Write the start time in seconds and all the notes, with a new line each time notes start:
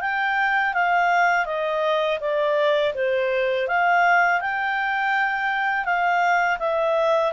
0.00 G5
0.73 F5
1.46 D#5
2.20 D5
2.94 C5
3.67 F5
4.40 G5
5.85 F5
6.59 E5